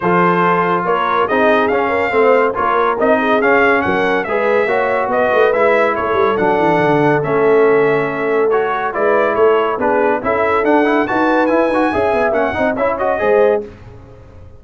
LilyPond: <<
  \new Staff \with { instrumentName = "trumpet" } { \time 4/4 \tempo 4 = 141 c''2 cis''4 dis''4 | f''2 cis''4 dis''4 | f''4 fis''4 e''2 | dis''4 e''4 cis''4 fis''4~ |
fis''4 e''2. | cis''4 d''4 cis''4 b'4 | e''4 fis''4 a''4 gis''4~ | gis''4 fis''4 e''8 dis''4. | }
  \new Staff \with { instrumentName = "horn" } { \time 4/4 a'2 ais'4 gis'4~ | gis'8 ais'8 c''4 ais'4. gis'8~ | gis'4 ais'4 b'4 cis''4 | b'2 a'2~ |
a'1~ | a'4 b'4 a'4 gis'4 | a'2 b'2 | e''4. dis''8 cis''4 c''4 | }
  \new Staff \with { instrumentName = "trombone" } { \time 4/4 f'2. dis'4 | cis'4 c'4 f'4 dis'4 | cis'2 gis'4 fis'4~ | fis'4 e'2 d'4~ |
d'4 cis'2. | fis'4 e'2 d'4 | e'4 d'8 e'8 fis'4 e'8 fis'8 | gis'4 cis'8 dis'8 e'8 fis'8 gis'4 | }
  \new Staff \with { instrumentName = "tuba" } { \time 4/4 f2 ais4 c'4 | cis'4 a4 ais4 c'4 | cis'4 fis4 gis4 ais4 | b8 a8 gis4 a8 g8 fis8 e8 |
d4 a2.~ | a4 gis4 a4 b4 | cis'4 d'4 dis'4 e'8 dis'8 | cis'8 b8 ais8 c'8 cis'4 gis4 | }
>>